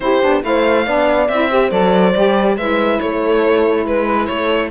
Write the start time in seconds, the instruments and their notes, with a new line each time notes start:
0.00 cello C4, saxophone E4, horn G4, violin C5
0.21 cello B3, saxophone D4
0.42 cello A3, saxophone E4, horn C5, violin F5
0.85 cello B3, saxophone D4, horn D5
1.27 cello C4, saxophone E4, violin E5
1.49 saxophone G4, horn C5
1.70 cello F#3, saxophone A4, violin D5
2.15 cello G3, saxophone G4
2.57 cello G#3, saxophone E4, horn B4, violin E5
2.99 cello A3, horn A4, violin C#5
3.85 cello G#3, horn B4, violin B4
4.26 cello A3, horn A4, violin C#5